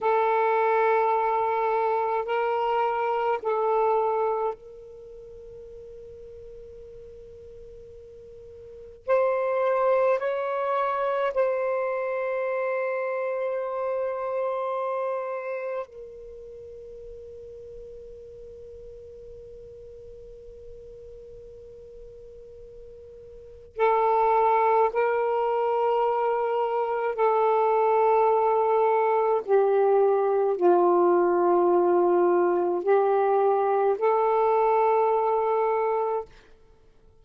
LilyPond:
\new Staff \with { instrumentName = "saxophone" } { \time 4/4 \tempo 4 = 53 a'2 ais'4 a'4 | ais'1 | c''4 cis''4 c''2~ | c''2 ais'2~ |
ais'1~ | ais'4 a'4 ais'2 | a'2 g'4 f'4~ | f'4 g'4 a'2 | }